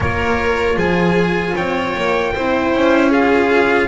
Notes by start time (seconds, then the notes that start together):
0.00 A#3 F4 A#4 C#5
0.76 F3 G#4 G#5
1.55 C4 C#5 G5
1.96 A#3
2.35 C4 E4 C5
2.74 C#4
3.10 F4 G#4 F5